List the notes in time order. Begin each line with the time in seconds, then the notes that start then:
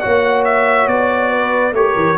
0.00 A#3 F#4 C#5 F#5
0.44 E5
0.87 B3 D5
1.30 B4
1.72 A3 G4 A#4 C#5
1.95 E3